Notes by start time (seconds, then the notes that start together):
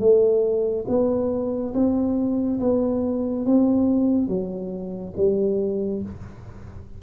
0.00 A3
0.88 B3
1.74 C4
2.60 B3
3.46 C4
4.28 F#3
5.17 G3